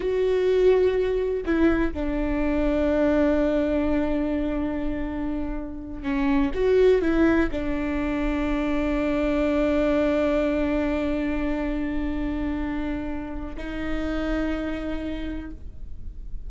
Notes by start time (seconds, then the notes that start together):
0.00 F#4
1.45 E4
1.93 D4
6.02 C#4
6.54 F#4
7.01 E4
7.51 D4
13.57 D#4